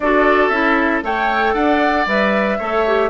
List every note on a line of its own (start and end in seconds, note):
0.00 0.49 D4
0.00 0.52 F#4
0.00 1.04 A4
0.00 0.48 D5
0.48 1.01 C#4
0.48 1.02 E4
0.48 1.00 E5
1.02 1.54 A3
1.02 2.06 A4
1.02 1.54 C#5
1.02 1.54 G5
1.54 2.05 D4
1.54 2.57 D5
1.54 2.05 F#5
2.06 2.58 G3
2.06 2.59 B4
2.06 3.09 E5
2.58 3.09 A3
2.58 2.86 A4
2.58 3.09 C#5
2.86 3.09 G4